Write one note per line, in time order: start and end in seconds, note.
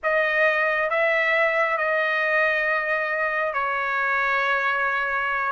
0.03 0.89 D#5
0.89 1.77 E5
1.77 3.53 D#5
3.53 5.51 C#5